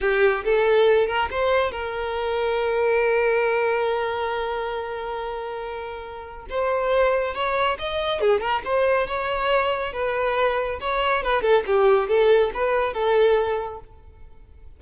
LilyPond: \new Staff \with { instrumentName = "violin" } { \time 4/4 \tempo 4 = 139 g'4 a'4. ais'8 c''4 | ais'1~ | ais'1~ | ais'2. c''4~ |
c''4 cis''4 dis''4 gis'8 ais'8 | c''4 cis''2 b'4~ | b'4 cis''4 b'8 a'8 g'4 | a'4 b'4 a'2 | }